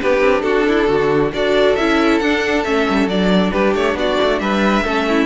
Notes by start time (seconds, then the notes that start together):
0.00 B3 D4 G4 B4
0.20 C4
0.42 D4 F#4 A4
0.68 E4
0.88 D3 F#4
1.33 D4 F#4 A4 D5
1.76 C#4 E4 E5
2.19 D4 F#5
2.64 A3 C#4 E5
2.90 G3
3.07 F#3 D4 D5
3.52 G3 G4 B4
3.75 A3 C#5
3.94 B3 F#4 D5
4.22 A3
4.39 G3 B4 E5
4.84 A3 C#4 A4
5.08 E4